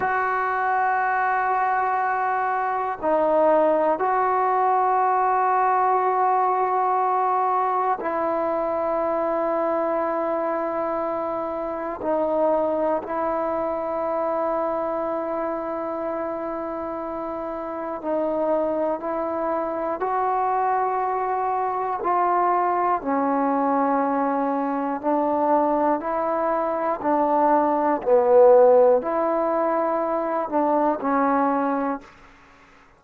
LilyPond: \new Staff \with { instrumentName = "trombone" } { \time 4/4 \tempo 4 = 60 fis'2. dis'4 | fis'1 | e'1 | dis'4 e'2.~ |
e'2 dis'4 e'4 | fis'2 f'4 cis'4~ | cis'4 d'4 e'4 d'4 | b4 e'4. d'8 cis'4 | }